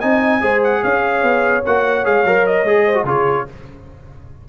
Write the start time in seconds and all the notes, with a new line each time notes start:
0.00 C4 D#4 D#5 G#5
0.41 G#3 G#4 C5
0.63 F#5
0.83 C#4 C#5 F5
1.22 B3
1.65 A#3 F#4 F#5
2.04 G#3 G#4 F5
2.24 F#3 A#4
2.46 D#5
2.63 G#3 G#4
2.85 C5
2.94 F#4
3.03 C#3 F4 G#4 C#5